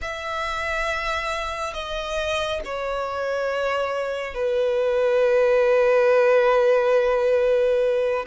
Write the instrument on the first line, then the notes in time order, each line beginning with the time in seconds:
violin
0.01 E5
1.74 D#5
2.64 C#5
4.34 B4